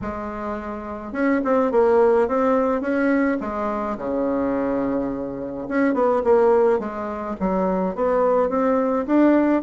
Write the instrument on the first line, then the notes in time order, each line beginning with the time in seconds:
bassoon
0.01 G#3
1.12 C#4
1.44 C4
1.71 A#3
2.28 C4
2.81 C#4
3.40 G#3
3.97 C#3
5.68 C#4
5.94 B3
6.24 A#3
6.79 G#3
7.40 F#3
7.95 B3
8.49 C4
9.06 D4